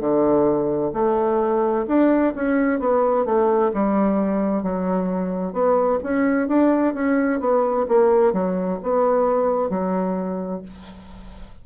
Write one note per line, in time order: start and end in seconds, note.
0.00 0.92 D3
0.94 1.86 A3
1.88 2.34 D4
2.36 2.80 C#4
2.80 3.26 B3
3.26 3.72 A3
3.74 4.63 G3
4.63 5.53 F#3
5.53 5.99 B3
6.03 6.48 C#4
6.48 6.94 D4
6.94 7.40 C#4
7.40 7.86 B3
7.88 8.33 A#3
8.33 8.79 F#3
8.83 9.70 B3
9.70 10.62 F#3